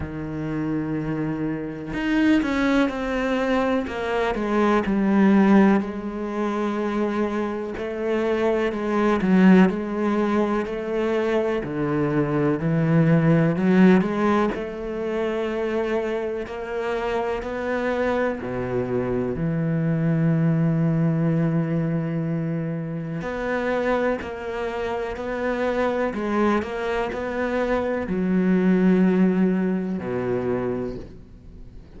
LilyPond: \new Staff \with { instrumentName = "cello" } { \time 4/4 \tempo 4 = 62 dis2 dis'8 cis'8 c'4 | ais8 gis8 g4 gis2 | a4 gis8 fis8 gis4 a4 | d4 e4 fis8 gis8 a4~ |
a4 ais4 b4 b,4 | e1 | b4 ais4 b4 gis8 ais8 | b4 fis2 b,4 | }